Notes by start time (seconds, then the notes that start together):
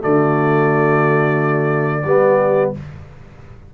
0.00 D3 A3 F#4 D5
2.05 G3 B3 G4